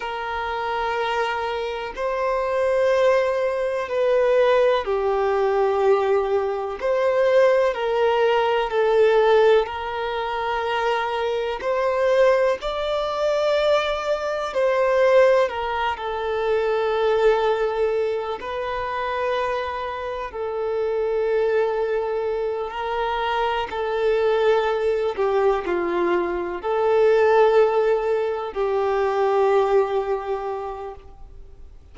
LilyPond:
\new Staff \with { instrumentName = "violin" } { \time 4/4 \tempo 4 = 62 ais'2 c''2 | b'4 g'2 c''4 | ais'4 a'4 ais'2 | c''4 d''2 c''4 |
ais'8 a'2~ a'8 b'4~ | b'4 a'2~ a'8 ais'8~ | ais'8 a'4. g'8 f'4 a'8~ | a'4. g'2~ g'8 | }